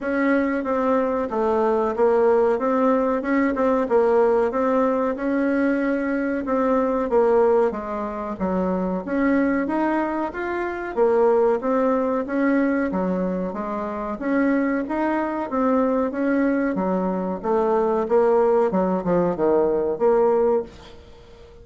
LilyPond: \new Staff \with { instrumentName = "bassoon" } { \time 4/4 \tempo 4 = 93 cis'4 c'4 a4 ais4 | c'4 cis'8 c'8 ais4 c'4 | cis'2 c'4 ais4 | gis4 fis4 cis'4 dis'4 |
f'4 ais4 c'4 cis'4 | fis4 gis4 cis'4 dis'4 | c'4 cis'4 fis4 a4 | ais4 fis8 f8 dis4 ais4 | }